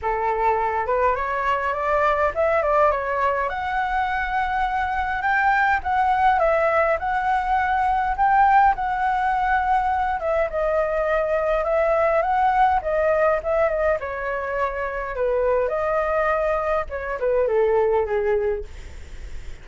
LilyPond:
\new Staff \with { instrumentName = "flute" } { \time 4/4 \tempo 4 = 103 a'4. b'8 cis''4 d''4 | e''8 d''8 cis''4 fis''2~ | fis''4 g''4 fis''4 e''4 | fis''2 g''4 fis''4~ |
fis''4. e''8 dis''2 | e''4 fis''4 dis''4 e''8 dis''8 | cis''2 b'4 dis''4~ | dis''4 cis''8 b'8 a'4 gis'4 | }